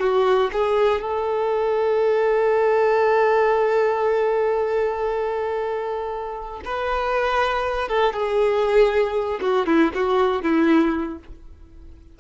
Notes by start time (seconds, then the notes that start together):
0.00 F#4
0.53 G#4
1.02 A4
6.65 B4
7.89 A4
8.14 G#4
9.41 F#4
9.67 E4
9.95 F#4
10.43 E4